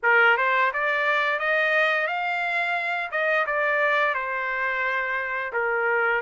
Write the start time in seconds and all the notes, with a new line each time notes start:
0.03 A#4
0.37 C5
0.73 D5
1.39 D#5
2.07 F5
3.11 D#5
3.46 D5
4.14 C5
5.53 A#4